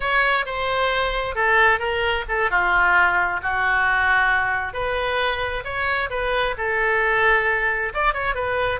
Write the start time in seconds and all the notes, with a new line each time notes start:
0.00 C#5
0.45 C5
1.35 A4
1.79 A#4
2.28 A4
2.50 F4
3.42 F#4
4.73 B4
5.64 C#5
6.10 B4
6.57 A4
7.94 D5
8.13 C#5
8.34 B4